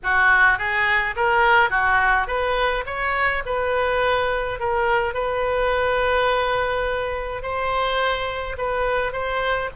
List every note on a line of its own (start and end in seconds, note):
0.03 0.58 F#4
0.58 1.15 G#4
1.16 1.70 A#4
1.70 2.27 F#4
2.27 2.84 B4
2.86 3.43 C#5
3.45 4.59 B4
4.59 5.14 A#4
5.14 7.42 B4
7.42 8.56 C5
8.57 9.12 B4
9.12 9.69 C5